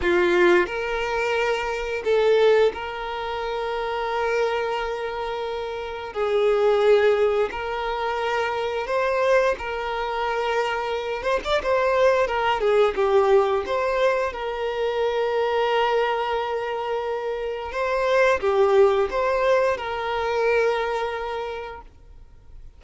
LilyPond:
\new Staff \with { instrumentName = "violin" } { \time 4/4 \tempo 4 = 88 f'4 ais'2 a'4 | ais'1~ | ais'4 gis'2 ais'4~ | ais'4 c''4 ais'2~ |
ais'8 c''16 d''16 c''4 ais'8 gis'8 g'4 | c''4 ais'2.~ | ais'2 c''4 g'4 | c''4 ais'2. | }